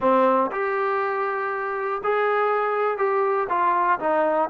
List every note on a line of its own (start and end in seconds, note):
0.00 0.50 C4
0.51 2.01 G4
2.03 2.97 G#4
2.97 3.47 G4
3.49 3.99 F4
4.00 4.50 D#4